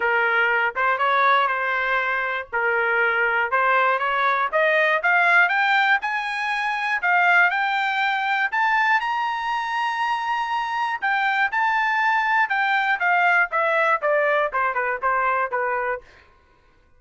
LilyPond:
\new Staff \with { instrumentName = "trumpet" } { \time 4/4 \tempo 4 = 120 ais'4. c''8 cis''4 c''4~ | c''4 ais'2 c''4 | cis''4 dis''4 f''4 g''4 | gis''2 f''4 g''4~ |
g''4 a''4 ais''2~ | ais''2 g''4 a''4~ | a''4 g''4 f''4 e''4 | d''4 c''8 b'8 c''4 b'4 | }